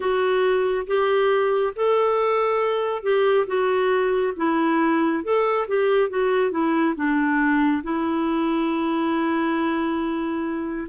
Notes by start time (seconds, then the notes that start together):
0.00 F#4
0.87 G4
1.75 A4
3.02 G4
3.46 F#4
4.36 E4
5.23 A4
5.68 G4
6.09 F#4
6.51 E4
6.95 D4
7.83 E4